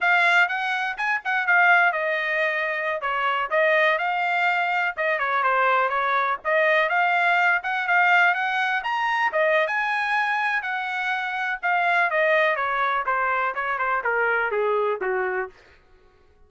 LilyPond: \new Staff \with { instrumentName = "trumpet" } { \time 4/4 \tempo 4 = 124 f''4 fis''4 gis''8 fis''8 f''4 | dis''2~ dis''16 cis''4 dis''8.~ | dis''16 f''2 dis''8 cis''8 c''8.~ | c''16 cis''4 dis''4 f''4. fis''16~ |
fis''16 f''4 fis''4 ais''4 dis''8. | gis''2 fis''2 | f''4 dis''4 cis''4 c''4 | cis''8 c''8 ais'4 gis'4 fis'4 | }